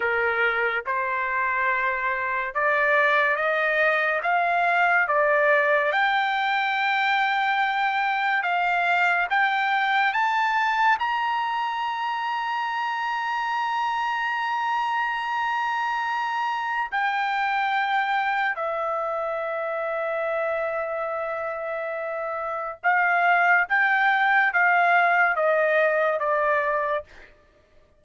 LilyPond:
\new Staff \with { instrumentName = "trumpet" } { \time 4/4 \tempo 4 = 71 ais'4 c''2 d''4 | dis''4 f''4 d''4 g''4~ | g''2 f''4 g''4 | a''4 ais''2.~ |
ais''1 | g''2 e''2~ | e''2. f''4 | g''4 f''4 dis''4 d''4 | }